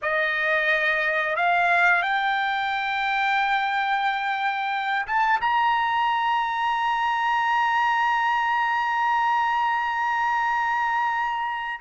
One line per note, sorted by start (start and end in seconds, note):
0.02 1.35 D#5
1.35 2.02 F5
2.02 5.05 G5
5.06 5.40 A5
5.41 11.80 A#5